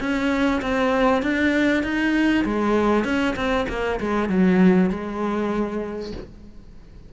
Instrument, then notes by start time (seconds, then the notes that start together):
cello
0.00 C#4
0.61 C4
1.22 D4
1.83 D#4
2.45 G#3
3.04 C#4
3.36 C4
3.69 A#3
4.00 G#3
4.29 F#3
4.90 G#3